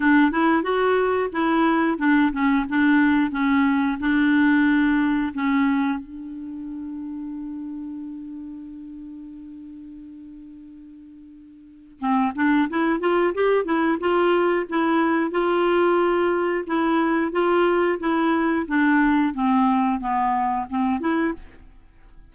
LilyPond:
\new Staff \with { instrumentName = "clarinet" } { \time 4/4 \tempo 4 = 90 d'8 e'8 fis'4 e'4 d'8 cis'8 | d'4 cis'4 d'2 | cis'4 d'2.~ | d'1~ |
d'2 c'8 d'8 e'8 f'8 | g'8 e'8 f'4 e'4 f'4~ | f'4 e'4 f'4 e'4 | d'4 c'4 b4 c'8 e'8 | }